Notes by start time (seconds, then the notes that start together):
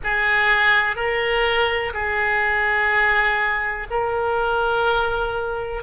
0.03 G#4
0.96 A#4
1.94 G#4
3.90 A#4